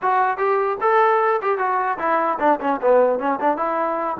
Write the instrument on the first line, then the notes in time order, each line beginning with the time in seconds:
trombone
0.01 F#4
0.37 G4
0.81 A4
1.41 G4
1.58 F#4
1.98 E4
2.39 D4
2.60 C#4
2.81 B3
3.19 C#4
3.40 D4
3.56 E4